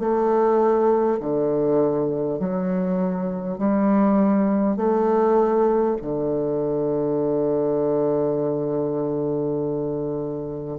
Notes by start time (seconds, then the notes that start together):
0.00 A3
1.21 D3
2.39 F#3
3.59 G3
4.77 A3
6.02 D3